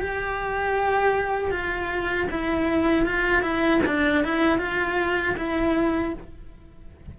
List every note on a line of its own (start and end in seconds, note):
0.00 1.51 G4
1.51 2.28 F4
2.31 3.06 E4
3.06 3.43 F4
3.43 3.81 E4
3.86 4.24 D4
4.24 4.59 E4
4.59 5.36 F4
5.37 6.14 E4